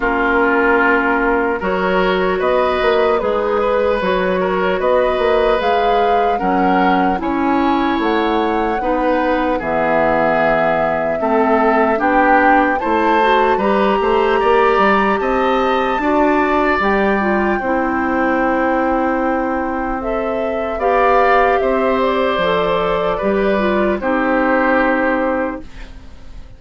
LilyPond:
<<
  \new Staff \with { instrumentName = "flute" } { \time 4/4 \tempo 4 = 75 ais'2 cis''4 dis''4 | b'4 cis''4 dis''4 f''4 | fis''4 gis''4 fis''2 | e''2. g''4 |
a''4 ais''2 a''4~ | a''4 g''2.~ | g''4 e''4 f''4 e''8 d''8~ | d''2 c''2 | }
  \new Staff \with { instrumentName = "oboe" } { \time 4/4 f'2 ais'4 b'4 | dis'8 b'4 ais'8 b'2 | ais'4 cis''2 b'4 | gis'2 a'4 g'4 |
c''4 b'8 c''8 d''4 dis''4 | d''2 c''2~ | c''2 d''4 c''4~ | c''4 b'4 g'2 | }
  \new Staff \with { instrumentName = "clarinet" } { \time 4/4 cis'2 fis'2 | gis'4 fis'2 gis'4 | cis'4 e'2 dis'4 | b2 c'4 d'4 |
e'8 fis'8 g'2. | fis'4 g'8 f'8 e'2~ | e'4 a'4 g'2 | a'4 g'8 f'8 dis'2 | }
  \new Staff \with { instrumentName = "bassoon" } { \time 4/4 ais2 fis4 b8 ais8 | gis4 fis4 b8 ais8 gis4 | fis4 cis'4 a4 b4 | e2 a4 b4 |
a4 g8 a8 ais8 g8 c'4 | d'4 g4 c'2~ | c'2 b4 c'4 | f4 g4 c'2 | }
>>